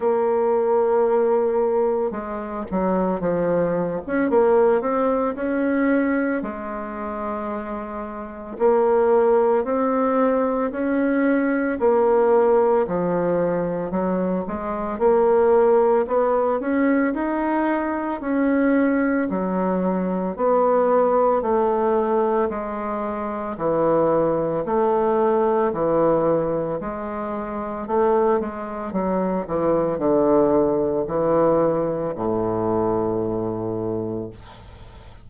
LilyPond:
\new Staff \with { instrumentName = "bassoon" } { \time 4/4 \tempo 4 = 56 ais2 gis8 fis8 f8. cis'16 | ais8 c'8 cis'4 gis2 | ais4 c'4 cis'4 ais4 | f4 fis8 gis8 ais4 b8 cis'8 |
dis'4 cis'4 fis4 b4 | a4 gis4 e4 a4 | e4 gis4 a8 gis8 fis8 e8 | d4 e4 a,2 | }